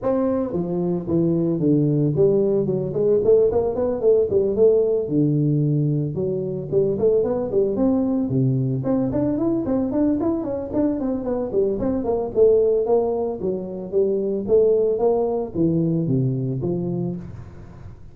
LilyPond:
\new Staff \with { instrumentName = "tuba" } { \time 4/4 \tempo 4 = 112 c'4 f4 e4 d4 | g4 fis8 gis8 a8 ais8 b8 a8 | g8 a4 d2 fis8~ | fis8 g8 a8 b8 g8 c'4 c8~ |
c8 c'8 d'8 e'8 c'8 d'8 e'8 cis'8 | d'8 c'8 b8 g8 c'8 ais8 a4 | ais4 fis4 g4 a4 | ais4 e4 c4 f4 | }